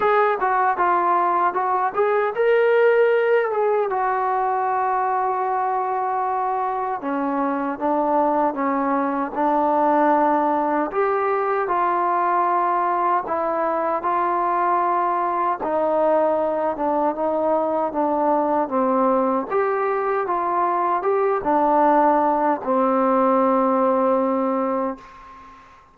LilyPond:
\new Staff \with { instrumentName = "trombone" } { \time 4/4 \tempo 4 = 77 gis'8 fis'8 f'4 fis'8 gis'8 ais'4~ | ais'8 gis'8 fis'2.~ | fis'4 cis'4 d'4 cis'4 | d'2 g'4 f'4~ |
f'4 e'4 f'2 | dis'4. d'8 dis'4 d'4 | c'4 g'4 f'4 g'8 d'8~ | d'4 c'2. | }